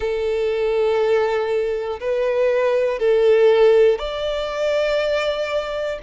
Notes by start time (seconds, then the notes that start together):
0.00 A4
2.00 B4
2.99 A4
3.98 D5